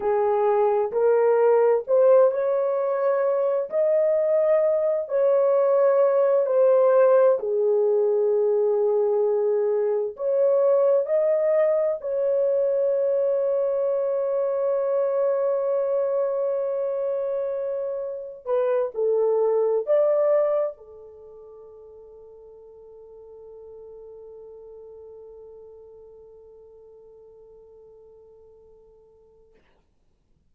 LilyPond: \new Staff \with { instrumentName = "horn" } { \time 4/4 \tempo 4 = 65 gis'4 ais'4 c''8 cis''4. | dis''4. cis''4. c''4 | gis'2. cis''4 | dis''4 cis''2.~ |
cis''1 | b'8 a'4 d''4 a'4.~ | a'1~ | a'1 | }